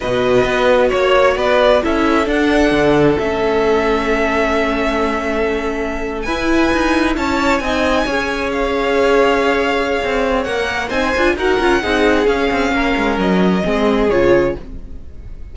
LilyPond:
<<
  \new Staff \with { instrumentName = "violin" } { \time 4/4 \tempo 4 = 132 dis''2 cis''4 d''4 | e''4 fis''2 e''4~ | e''1~ | e''4.~ e''16 gis''2 a''16~ |
a''8. gis''2 f''4~ f''16~ | f''2. fis''4 | gis''4 fis''2 f''4~ | f''4 dis''2 cis''4 | }
  \new Staff \with { instrumentName = "violin" } { \time 4/4 b'2 cis''4 b'4 | a'1~ | a'1~ | a'4.~ a'16 b'2 cis''16~ |
cis''8. dis''4 cis''2~ cis''16~ | cis''1 | c''4 ais'4 gis'2 | ais'2 gis'2 | }
  \new Staff \with { instrumentName = "viola" } { \time 4/4 fis'1 | e'4 d'2 cis'4~ | cis'1~ | cis'4.~ cis'16 e'2~ e'16~ |
e'8. dis'4 gis'2~ gis'16~ | gis'2. ais'4 | dis'8 f'8 fis'8 f'8 dis'4 cis'4~ | cis'2 c'4 f'4 | }
  \new Staff \with { instrumentName = "cello" } { \time 4/4 b,4 b4 ais4 b4 | cis'4 d'4 d4 a4~ | a1~ | a4.~ a16 e'4 dis'4 cis'16~ |
cis'8. c'4 cis'2~ cis'16~ | cis'2 c'4 ais4 | c'8 d'8 dis'8 cis'8 c'4 cis'8 c'8 | ais8 gis8 fis4 gis4 cis4 | }
>>